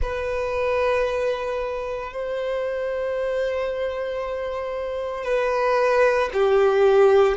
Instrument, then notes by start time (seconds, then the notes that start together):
violin
0.02 B4
2.12 C5
5.24 B4
6.33 G4